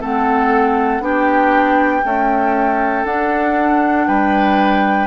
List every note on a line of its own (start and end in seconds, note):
0.00 1.00 A3
0.00 1.00 C4
0.00 1.02 A4
0.00 1.03 F#5
1.00 2.02 B3
1.00 2.02 D4
1.00 2.05 G4
1.00 3.06 G5
2.03 3.05 A3
2.03 3.05 C#4
2.03 4.07 A4
3.05 4.07 D4
3.05 5.07 D4
3.05 4.07 F#5
4.07 5.07 G3
4.07 5.07 B4
4.07 5.07 G5